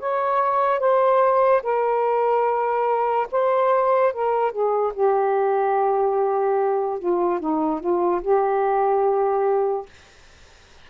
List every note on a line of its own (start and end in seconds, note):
0.00 0.80 C#5
0.80 1.63 C5
1.63 3.28 A#4
3.32 4.14 C5
4.14 4.52 A#4
4.52 4.93 G#4
4.94 6.99 G4
7.00 7.40 F4
7.40 7.81 D#4
7.81 8.22 F4
8.22 9.87 G4